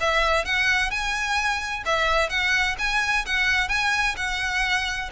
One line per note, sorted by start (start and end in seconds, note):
0.00 0.45 E5
0.45 0.90 F#5
0.90 1.84 G#5
1.85 2.29 E5
2.29 2.76 F#5
2.78 3.25 G#5
3.26 3.68 F#5
3.68 4.15 G#5
4.16 5.10 F#5